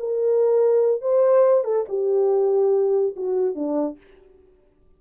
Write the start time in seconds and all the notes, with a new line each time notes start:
0.00 A#4
1.02 C5
1.65 A4
1.89 G4
3.17 F#4
3.56 D4